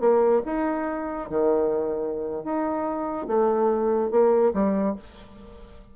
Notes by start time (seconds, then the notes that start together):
0.00 A#3
0.46 D#4
1.29 D#3
2.44 D#4
3.27 A3
4.11 A#3
4.54 G3